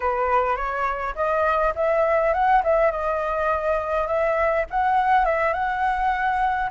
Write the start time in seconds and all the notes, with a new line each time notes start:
0.00 B4
0.56 C#5
1.15 D#5
1.75 E5
2.33 F#5
2.63 E5
2.91 D#5
4.07 E5
4.70 F#5
5.25 E5
5.53 F#5